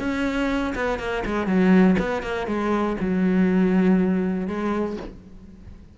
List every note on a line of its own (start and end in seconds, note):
0.00 0.74 C#4
0.76 0.99 B3
0.99 1.24 A#3
1.26 1.47 G#3
1.47 1.97 F#3
1.99 2.23 B3
2.23 2.47 A#3
2.47 2.97 G#3
3.00 4.48 F#3
4.48 4.97 G#3